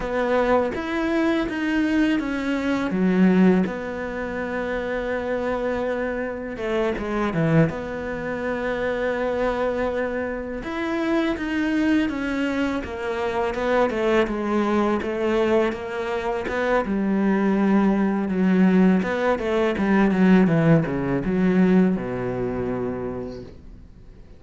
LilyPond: \new Staff \with { instrumentName = "cello" } { \time 4/4 \tempo 4 = 82 b4 e'4 dis'4 cis'4 | fis4 b2.~ | b4 a8 gis8 e8 b4.~ | b2~ b8 e'4 dis'8~ |
dis'8 cis'4 ais4 b8 a8 gis8~ | gis8 a4 ais4 b8 g4~ | g4 fis4 b8 a8 g8 fis8 | e8 cis8 fis4 b,2 | }